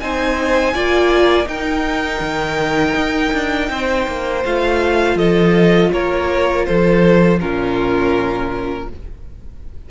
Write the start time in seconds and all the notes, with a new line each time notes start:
0.00 C4 D#4 C5 G#5
0.74 A#3 F4 D5
1.45 D#4 A#4 G5
2.21 D#3
2.95 D#4
3.33 D4
3.70 C4 C5
4.07 A#3
4.45 A3 F4 F5
5.15 F3 A4 D#5
5.93 A#3 A#4 C#5
6.65 F3 A4 C5
7.39 A#2 C#4 F4 A#4